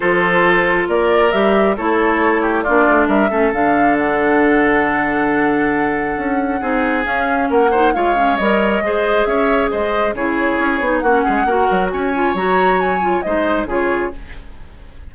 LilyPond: <<
  \new Staff \with { instrumentName = "flute" } { \time 4/4 \tempo 4 = 136 c''2 d''4 e''4 | cis''2 d''4 e''4 | f''4 fis''2.~ | fis''1 |
f''4 fis''4 f''4 dis''4~ | dis''4 e''4 dis''4 cis''4~ | cis''4 fis''2 gis''4 | ais''4 gis''4 dis''4 cis''4 | }
  \new Staff \with { instrumentName = "oboe" } { \time 4/4 a'2 ais'2 | a'4. g'8 f'4 ais'8 a'8~ | a'1~ | a'2. gis'4~ |
gis'4 ais'8 c''8 cis''2 | c''4 cis''4 c''4 gis'4~ | gis'4 fis'8 gis'8 ais'4 cis''4~ | cis''2 c''4 gis'4 | }
  \new Staff \with { instrumentName = "clarinet" } { \time 4/4 f'2. g'4 | e'2 d'4. cis'8 | d'1~ | d'2. dis'4 |
cis'4. dis'8 f'8 cis'8 ais'4 | gis'2. e'4~ | e'8 dis'8 cis'4 fis'4. f'8 | fis'4. f'8 dis'4 f'4 | }
  \new Staff \with { instrumentName = "bassoon" } { \time 4/4 f2 ais4 g4 | a2 ais8 a8 g8 a8 | d1~ | d2 cis'4 c'4 |
cis'4 ais4 gis4 g4 | gis4 cis'4 gis4 cis4 | cis'8 b8 ais8 gis8 ais8 fis8 cis'4 | fis2 gis4 cis4 | }
>>